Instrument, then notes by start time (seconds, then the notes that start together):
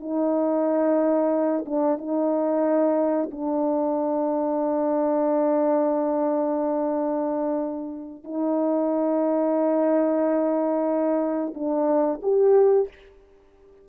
horn
0.00 D#4
1.65 D4
1.98 D#4
3.31 D4
8.24 D#4
11.54 D4
12.22 G4